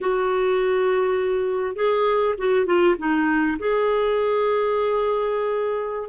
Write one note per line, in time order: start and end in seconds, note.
0.01 1.75 F#4
1.75 2.35 G#4
2.38 2.66 F#4
2.66 2.95 F4
2.98 3.57 D#4
3.58 6.09 G#4